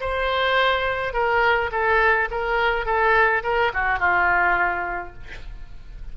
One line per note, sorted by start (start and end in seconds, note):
0.00 1.13 C5
1.13 1.70 A#4
1.71 2.29 A4
2.30 2.85 A#4
2.85 3.42 A4
3.43 3.71 A#4
3.73 3.99 F#4
3.99 5.13 F4